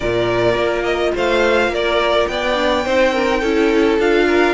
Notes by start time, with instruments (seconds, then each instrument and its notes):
0.00 cello A#2, viola F4, violin A#4 D5
0.55 cello A#3
0.83 violin D#5
1.14 cello A3, violin C5 F5
1.68 cello A#3, violin A#4
1.74 violin D5
2.27 cello B3, violin D5 G5
2.54 viola D4
2.85 cello C4, viola D#4, violin C5
3.12 viola D4, violin A#4
3.27 viola D#4
3.39 cello C#4, viola E4, violin A4
3.98 cello D4, viola F4, violin F5
4.27 violin A#4